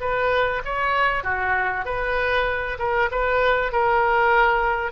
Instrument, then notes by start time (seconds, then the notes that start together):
oboe
0.00 B4
0.64 C#5
1.23 F#4
1.85 B4
2.79 A#4
3.11 B4
3.72 A#4